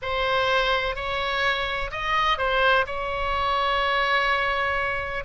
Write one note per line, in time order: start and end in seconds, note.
0.02 0.95 C5
0.95 1.90 C#5
1.91 2.38 D#5
2.38 2.85 C5
2.86 5.24 C#5